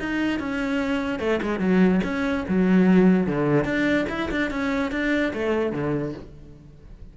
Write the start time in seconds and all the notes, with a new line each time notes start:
0.00 D#4
0.40 C#4
1.20 A3
1.43 G#3
1.60 F#3
2.04 C#4
2.49 F#3
3.27 D3
3.65 D4
4.10 E4
4.32 D4
4.51 C#4
4.92 D4
5.34 A3
5.73 D3